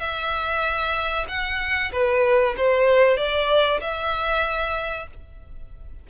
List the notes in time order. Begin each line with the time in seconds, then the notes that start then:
0.00 E5
1.28 F#5
1.92 B4
2.57 C5
3.17 D5
3.81 E5